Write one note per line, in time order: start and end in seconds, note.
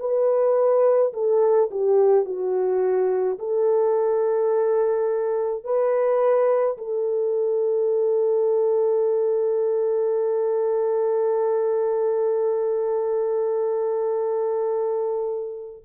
0.00 1.13 B4
1.14 1.70 A4
1.71 2.25 G4
2.25 3.39 F#4
3.39 5.64 A4
5.64 6.77 B4
6.78 15.83 A4